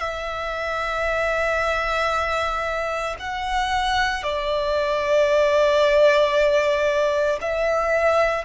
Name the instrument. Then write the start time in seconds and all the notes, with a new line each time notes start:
violin
0.00 E5
3.19 F#5
4.23 D5
7.41 E5